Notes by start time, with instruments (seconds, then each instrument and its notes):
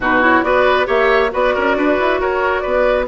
0.00 bassoon B2, clarinet D#4, oboe F#4, flute B4
0.21 clarinet E4, flute C#5
0.42 bassoon B3, clarinet F#4, oboe B4, flute D5
0.85 bassoon A#3, clarinet G4, oboe C#5, flute E5
1.31 bassoon B3, clarinet F#4, oboe B4, flute D5
1.54 bassoon C#4, oboe A#4
1.76 bassoon D4, oboe B4
1.99 bassoon E4
2.20 bassoon F#4, oboe A#4, flute C#5
2.59 bassoon B3, oboe B4, flute D5